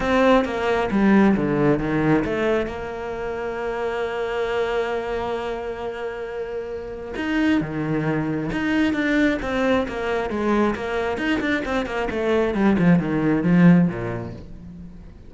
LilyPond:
\new Staff \with { instrumentName = "cello" } { \time 4/4 \tempo 4 = 134 c'4 ais4 g4 d4 | dis4 a4 ais2~ | ais1~ | ais1 |
dis'4 dis2 dis'4 | d'4 c'4 ais4 gis4 | ais4 dis'8 d'8 c'8 ais8 a4 | g8 f8 dis4 f4 ais,4 | }